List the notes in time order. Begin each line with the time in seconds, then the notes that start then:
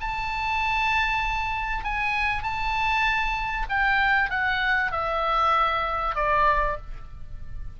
0.00 A5
1.84 G#5
2.43 A5
3.69 G5
4.30 F#5
4.91 E5
6.15 D5